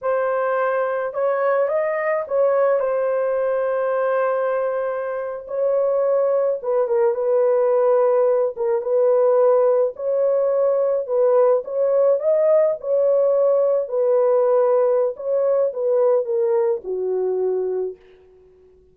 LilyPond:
\new Staff \with { instrumentName = "horn" } { \time 4/4 \tempo 4 = 107 c''2 cis''4 dis''4 | cis''4 c''2.~ | c''4.~ c''16 cis''2 b'16~ | b'16 ais'8 b'2~ b'8 ais'8 b'16~ |
b'4.~ b'16 cis''2 b'16~ | b'8. cis''4 dis''4 cis''4~ cis''16~ | cis''8. b'2~ b'16 cis''4 | b'4 ais'4 fis'2 | }